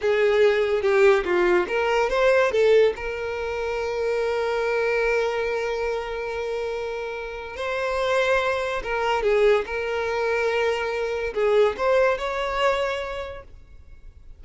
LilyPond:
\new Staff \with { instrumentName = "violin" } { \time 4/4 \tempo 4 = 143 gis'2 g'4 f'4 | ais'4 c''4 a'4 ais'4~ | ais'1~ | ais'1~ |
ais'2 c''2~ | c''4 ais'4 gis'4 ais'4~ | ais'2. gis'4 | c''4 cis''2. | }